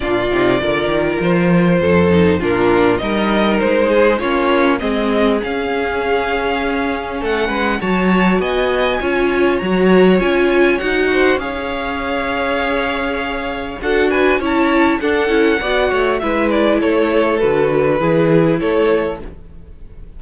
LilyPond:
<<
  \new Staff \with { instrumentName = "violin" } { \time 4/4 \tempo 4 = 100 d''2 c''2 | ais'4 dis''4 c''4 cis''4 | dis''4 f''2. | fis''4 a''4 gis''2 |
ais''4 gis''4 fis''4 f''4~ | f''2. fis''8 gis''8 | a''4 fis''2 e''8 d''8 | cis''4 b'2 cis''4 | }
  \new Staff \with { instrumentName = "violin" } { \time 4/4 f'4 ais'2 a'4 | f'4 ais'4. gis'8 f'4 | gis'1 | a'8 b'8 cis''4 dis''4 cis''4~ |
cis''2~ cis''8 c''8 cis''4~ | cis''2. a'8 b'8 | cis''4 a'4 d''8 cis''8 b'4 | a'2 gis'4 a'4 | }
  \new Staff \with { instrumentName = "viola" } { \time 4/4 d'8 dis'8 f'2~ f'8 dis'8 | d'4 dis'2 cis'4 | c'4 cis'2.~ | cis'4 fis'2 f'4 |
fis'4 f'4 fis'4 gis'4~ | gis'2. fis'4 | e'4 d'8 e'8 fis'4 e'4~ | e'4 fis'4 e'2 | }
  \new Staff \with { instrumentName = "cello" } { \time 4/4 ais,8 c8 d8 dis8 f4 f,4 | ais,4 g4 gis4 ais4 | gis4 cis'2. | a8 gis8 fis4 b4 cis'4 |
fis4 cis'4 dis'4 cis'4~ | cis'2. d'4 | cis'4 d'8 cis'8 b8 a8 gis4 | a4 d4 e4 a4 | }
>>